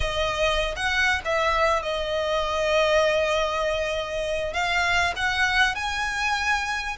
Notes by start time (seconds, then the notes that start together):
0.00 D#5
0.75 F#5
1.24 E5
1.82 D#5
4.53 F5
5.15 F#5
5.75 G#5